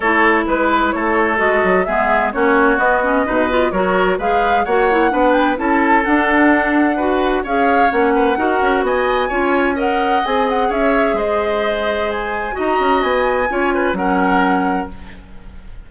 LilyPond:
<<
  \new Staff \with { instrumentName = "flute" } { \time 4/4 \tempo 4 = 129 cis''4 b'4 cis''4 dis''4 | e''4 cis''4 dis''2 | cis''4 f''4 fis''4. g''8 | a''4 fis''2. |
f''4 fis''2 gis''4~ | gis''4 fis''4 gis''8 fis''8 e''4 | dis''2 gis''4 ais''4 | gis''2 fis''2 | }
  \new Staff \with { instrumentName = "oboe" } { \time 4/4 a'4 b'4 a'2 | gis'4 fis'2 b'4 | ais'4 b'4 cis''4 b'4 | a'2. b'4 |
cis''4. b'8 ais'4 dis''4 | cis''4 dis''2 cis''4 | c''2. dis''4~ | dis''4 cis''8 b'8 ais'2 | }
  \new Staff \with { instrumentName = "clarinet" } { \time 4/4 e'2. fis'4 | b4 cis'4 b8 cis'8 dis'8 f'8 | fis'4 gis'4 fis'8 e'8 d'4 | e'4 d'2 fis'4 |
gis'4 cis'4 fis'2 | f'4 ais'4 gis'2~ | gis'2. fis'4~ | fis'4 f'4 cis'2 | }
  \new Staff \with { instrumentName = "bassoon" } { \time 4/4 a4 gis4 a4 gis8 fis8 | gis4 ais4 b4 b,4 | fis4 gis4 ais4 b4 | cis'4 d'2. |
cis'4 ais4 dis'8 cis'8 b4 | cis'2 c'4 cis'4 | gis2. dis'8 cis'8 | b4 cis'4 fis2 | }
>>